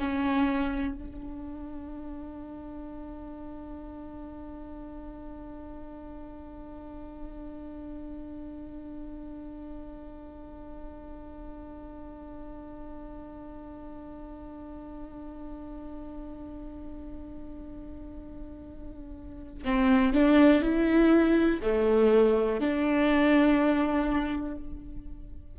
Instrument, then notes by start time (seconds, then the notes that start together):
viola
0.00 C#4
0.95 D4
19.65 C4
20.14 D4
20.62 E4
21.63 A3
22.61 D4